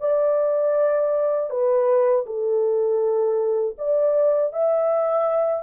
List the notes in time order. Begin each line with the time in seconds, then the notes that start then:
0.00 D5
1.50 B4
2.26 A4
3.78 D5
4.53 E5